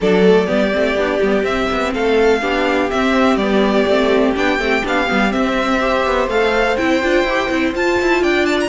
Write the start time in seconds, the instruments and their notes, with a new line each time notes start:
0.00 cello F#3, viola D4, violin A4 D5
0.23 viola A3
0.46 cello G3, viola B3, violin G4
0.72 cello A3, viola C4
0.95 cello B3, viola D4
1.22 cello G3, viola B3
1.42 cello C4, viola C4, violin E5
1.71 cello B3
1.93 cello A3, violin A4 F5
2.41 cello B3, viola D4, violin G4
2.90 viola C4, cello C4, violin E5
3.36 cello G3, viola B3, violin D5
3.87 cello A3, viola C4
4.34 cello B3, viola D4, violin G5
4.58 cello A3, viola C4
4.83 cello B3, viola D4, violin F5
5.07 cello G3, viola B3
5.29 viola C4, cello C4, violin E5
5.80 viola G4, violin C5
6.07 cello B3
6.27 cello A3, viola A4, violin F5
6.77 cello C4, viola E4, violin G5
7.02 cello D4, viola F4
7.23 cello E4, viola G4
7.50 cello C4, viola E4
7.73 viola F4, cello F4, violin A5
8.01 cello E4
8.22 cello D4, violin D5 G5
8.45 violin A5
8.60 violin A#5